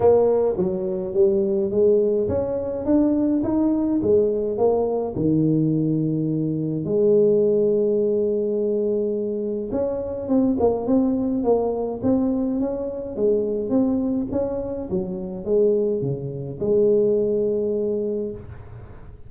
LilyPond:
\new Staff \with { instrumentName = "tuba" } { \time 4/4 \tempo 4 = 105 ais4 fis4 g4 gis4 | cis'4 d'4 dis'4 gis4 | ais4 dis2. | gis1~ |
gis4 cis'4 c'8 ais8 c'4 | ais4 c'4 cis'4 gis4 | c'4 cis'4 fis4 gis4 | cis4 gis2. | }